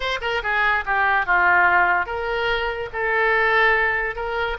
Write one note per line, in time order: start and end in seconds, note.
0.00 0.18 C5
0.21 0.41 A#4
0.42 0.84 G#4
0.85 1.26 G4
1.26 2.06 F4
2.06 2.89 A#4
2.92 4.15 A4
4.15 4.57 A#4